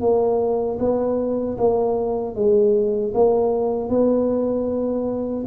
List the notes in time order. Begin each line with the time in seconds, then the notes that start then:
0.00 A#3
0.79 B3
1.57 A#3
2.35 G#3
3.14 A#3
3.89 B3